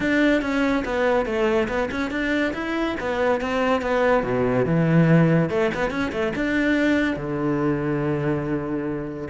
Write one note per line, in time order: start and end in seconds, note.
0.00 0.41 D4
0.41 0.83 C#4
0.85 1.25 B3
1.25 1.67 A3
1.68 1.89 B3
1.91 2.10 C#4
2.10 2.53 D4
2.53 2.96 E4
3.00 3.41 B3
3.41 3.81 C4
3.81 4.23 B3
4.23 4.65 B2
4.65 5.49 E3
5.49 5.70 A3
5.74 5.90 B3
5.90 6.11 C#4
6.12 6.33 A3
6.35 7.16 D4
7.16 9.27 D3